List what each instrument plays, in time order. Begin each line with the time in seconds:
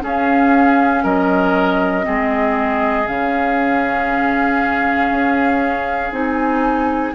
0.00 clarinet C#4, bassoon C#4, oboe G#4, flute F5
1.04 bassoon F#3, oboe A#4, flute D#5
2.03 bassoon G#3, clarinet C4, oboe G#4
3.07 bassoon C#3, clarinet C#4, flute F5
5.11 bassoon C#4
6.12 bassoon C4, clarinet D#4, flute G#5